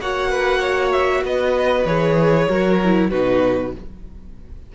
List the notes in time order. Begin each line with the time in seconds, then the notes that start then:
0.00 A#3 F#4 C#5 F#5
0.31 B4
0.60 C#5
0.92 E5
1.24 B3 B4 D#5
1.85 E3 G#4 C#5
2.49 F#3 F#4 A#4
2.85 E4
3.10 B2 D#4 F#4 B4